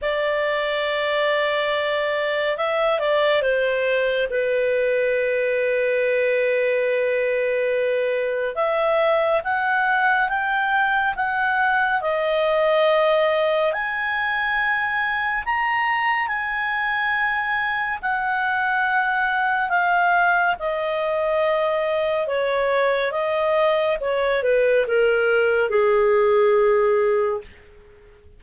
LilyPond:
\new Staff \with { instrumentName = "clarinet" } { \time 4/4 \tempo 4 = 70 d''2. e''8 d''8 | c''4 b'2.~ | b'2 e''4 fis''4 | g''4 fis''4 dis''2 |
gis''2 ais''4 gis''4~ | gis''4 fis''2 f''4 | dis''2 cis''4 dis''4 | cis''8 b'8 ais'4 gis'2 | }